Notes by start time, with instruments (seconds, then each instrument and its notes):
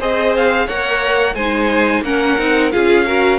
0.00 cello C4, viola G#4, violin C5 D#5
0.37 violin F5
0.66 cello A#3, viola A#4, violin C#5 F#5
1.35 cello G#3, viola D#4, violin C5 G#5
2.01 cello A#3, viola C#4, violin A#4 F#5
2.38 cello C4, viola D#4
2.72 cello C#4, viola F4, violin G#4 F5
3.06 viola F#4, violin A#4